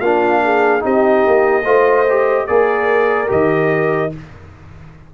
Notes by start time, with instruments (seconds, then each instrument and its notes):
0.00 tuba A#3, trombone D4, horn F4, trumpet F5
0.44 horn G#4
0.80 tuba C4, trombone D#4, horn G4
0.86 trumpet D#5
1.27 tuba A#3
1.64 tuba A3, trombone F4, horn C5
2.10 trombone G4
2.47 tuba A#3, trombone G#4, horn A#4, trumpet D5
3.28 tuba D#3, trombone G4, trumpet D#5